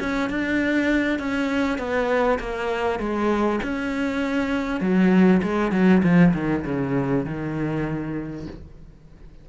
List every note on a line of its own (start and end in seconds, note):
0.00 0.30 C#4
0.30 1.19 D4
1.19 1.79 C#4
1.79 2.39 B3
2.39 3.00 A#3
3.00 3.60 G#3
3.63 4.81 C#4
4.81 5.42 F#3
5.43 5.72 G#3
5.72 6.02 F#3
6.03 6.34 F3
6.34 6.64 D#3
6.65 7.26 C#3
7.26 8.47 D#3